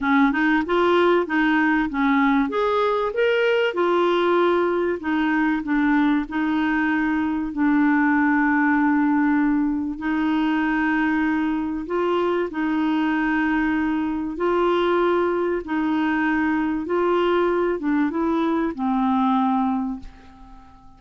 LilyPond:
\new Staff \with { instrumentName = "clarinet" } { \time 4/4 \tempo 4 = 96 cis'8 dis'8 f'4 dis'4 cis'4 | gis'4 ais'4 f'2 | dis'4 d'4 dis'2 | d'1 |
dis'2. f'4 | dis'2. f'4~ | f'4 dis'2 f'4~ | f'8 d'8 e'4 c'2 | }